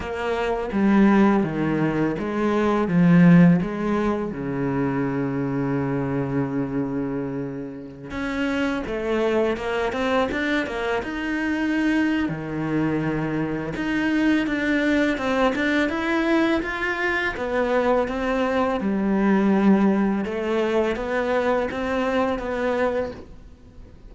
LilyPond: \new Staff \with { instrumentName = "cello" } { \time 4/4 \tempo 4 = 83 ais4 g4 dis4 gis4 | f4 gis4 cis2~ | cis2.~ cis16 cis'8.~ | cis'16 a4 ais8 c'8 d'8 ais8 dis'8.~ |
dis'4 dis2 dis'4 | d'4 c'8 d'8 e'4 f'4 | b4 c'4 g2 | a4 b4 c'4 b4 | }